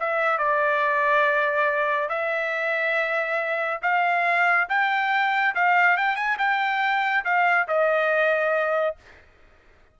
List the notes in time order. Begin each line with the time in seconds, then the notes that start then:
0.00 E5
0.39 D5
2.09 E5
3.82 F5
4.69 G5
5.55 F5
5.97 G5
6.16 G#5
6.39 G5
7.25 F5
7.68 D#5